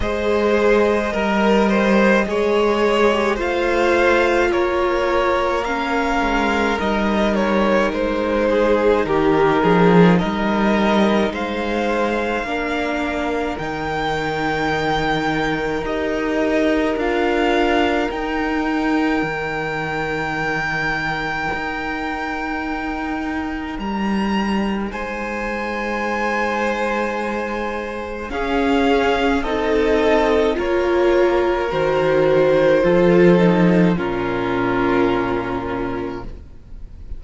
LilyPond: <<
  \new Staff \with { instrumentName = "violin" } { \time 4/4 \tempo 4 = 53 dis''2. f''4 | cis''4 f''4 dis''8 cis''8 c''4 | ais'4 dis''4 f''2 | g''2 dis''4 f''4 |
g''1~ | g''4 ais''4 gis''2~ | gis''4 f''4 dis''4 cis''4 | c''2 ais'2 | }
  \new Staff \with { instrumentName = "violin" } { \time 4/4 c''4 ais'8 c''8 cis''4 c''4 | ais'2.~ ais'8 gis'8 | g'8 gis'8 ais'4 c''4 ais'4~ | ais'1~ |
ais'1~ | ais'2 c''2~ | c''4 gis'4 a'4 ais'4~ | ais'4 a'4 f'2 | }
  \new Staff \with { instrumentName = "viola" } { \time 4/4 gis'4 ais'4 gis'8. g'16 f'4~ | f'4 cis'4 dis'2~ | dis'2. d'4 | dis'2 g'4 f'4 |
dis'1~ | dis'1~ | dis'4 cis'4 dis'4 f'4 | fis'4 f'8 dis'8 cis'2 | }
  \new Staff \with { instrumentName = "cello" } { \time 4/4 gis4 g4 gis4 a4 | ais4. gis8 g4 gis4 | dis8 f8 g4 gis4 ais4 | dis2 dis'4 d'4 |
dis'4 dis2 dis'4~ | dis'4 g4 gis2~ | gis4 cis'4 c'4 ais4 | dis4 f4 ais,2 | }
>>